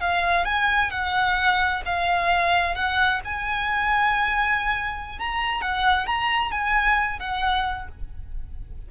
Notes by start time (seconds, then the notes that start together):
0.00 F5
0.45 G#5
0.90 F#5
1.85 F5
2.74 F#5
3.24 G#5
5.19 A#5
5.61 F#5
6.06 A#5
6.51 G#5
7.19 F#5